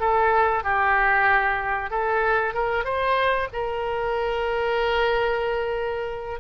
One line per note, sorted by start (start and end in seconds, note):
0.00 0.64 A4
0.64 1.91 G4
1.91 2.54 A4
2.54 2.85 A#4
2.85 3.48 C5
3.53 6.40 A#4